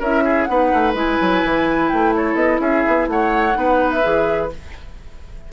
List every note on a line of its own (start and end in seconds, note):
0.00 0.48 C#4
0.00 0.49 E4
0.00 0.24 A#4
0.00 0.45 E5
0.25 0.48 G#4
0.45 0.73 B3
0.45 0.95 D#4
0.45 2.16 B4
0.45 0.92 F#5
0.74 0.94 A3
0.94 1.18 G#3
0.94 3.53 E4
0.94 1.90 G#5
1.21 1.44 F#3
1.44 1.91 E3
1.90 2.35 A3
1.90 2.13 G5
2.16 2.61 A4
2.16 2.36 C#5
2.35 2.58 B3
2.35 2.60 D#5
2.61 2.84 C#4
2.61 3.08 G#4
2.61 3.08 E5
2.87 3.08 B3
3.08 3.55 A3
3.08 3.58 C#5
3.08 3.91 F#5
3.53 4.04 B3
3.53 4.00 D#4
3.53 4.53 B4
3.91 4.50 E5
4.03 4.52 E3
4.03 4.50 G#4